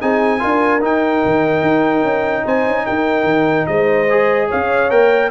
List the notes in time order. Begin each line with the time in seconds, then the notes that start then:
0.00 C4 D#4 G#4 G#5
0.39 D4 F4 A#4
0.81 D#4 G5
1.25 D#3
1.62 D#4
2.03 C#4
2.44 C4 C5 G#5
2.66 C#4
2.86 D#4 A#4 G5
3.23 D#3
3.66 G#3 C5 D#5
4.10 G#4
4.48 C#4 C#5 F5
4.90 A#3 A#4 G5